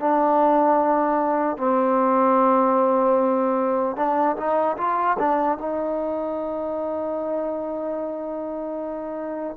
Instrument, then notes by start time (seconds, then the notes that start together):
trombone
0.00 D4
1.57 C4
3.97 D4
4.37 D#4
4.77 F4
5.19 D4
5.59 D#4